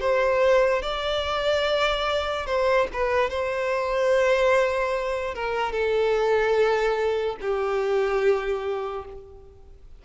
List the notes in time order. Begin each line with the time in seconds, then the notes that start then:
0.00 C5
0.82 D5
2.46 C5
2.93 B4
3.30 C5
5.35 A#4
5.72 A4
7.41 G4